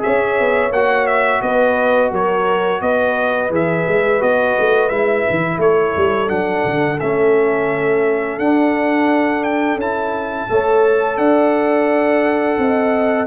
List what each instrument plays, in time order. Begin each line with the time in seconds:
0.00 tuba C#4, trombone G#4, horn C#5, trumpet E5
0.40 tuba B3
0.72 tuba A#3, trombone F#4, trumpet F#5
1.07 trumpet E5
1.42 tuba B3, horn B4, trumpet D#5
2.12 tuba F#3, horn A#4, trumpet C#5
2.82 tuba B3, horn B4, trumpet D#5
3.51 tuba E3, trombone G#4, trumpet E5
3.89 tuba G#3
4.21 tuba B3, trombone F#4, trumpet D#5
4.60 tuba A3
4.89 tuba G#3, trombone E4, trumpet E5
5.30 tuba E3
5.58 tuba A3, horn A4, trumpet C#5
5.97 tuba G3
6.28 tuba F#3, trombone D4, trumpet F#5
6.66 tuba D3
7.00 tuba A3, trombone C#4, trumpet E5
8.39 tuba D4, trombone D4, trumpet F#5
9.44 trumpet G5
9.76 tuba C#4, trombone E4, trumpet A5
10.50 tuba A3, trombone A4, horn C#5
11.18 tuba D4, horn D5, trumpet F#5
12.59 tuba C4, horn D#5